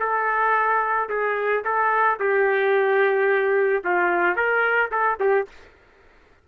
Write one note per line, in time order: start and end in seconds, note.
0.00 1.09 A4
1.10 1.64 G#4
1.65 2.19 A4
2.20 3.84 G4
3.85 4.36 F4
4.36 4.91 A#4
4.91 5.19 A4
5.20 5.48 G4